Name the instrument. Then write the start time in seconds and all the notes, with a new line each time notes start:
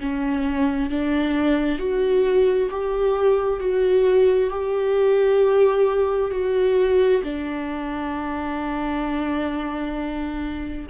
viola
0.00 C#4
0.90 D4
1.79 F#4
2.71 G4
3.60 F#4
4.50 G4
6.31 F#4
7.24 D4